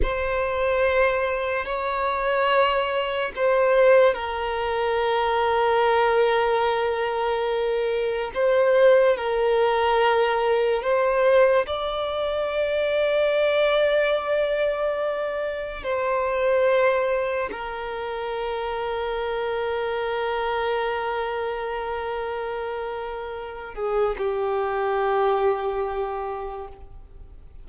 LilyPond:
\new Staff \with { instrumentName = "violin" } { \time 4/4 \tempo 4 = 72 c''2 cis''2 | c''4 ais'2.~ | ais'2 c''4 ais'4~ | ais'4 c''4 d''2~ |
d''2. c''4~ | c''4 ais'2.~ | ais'1~ | ais'8 gis'8 g'2. | }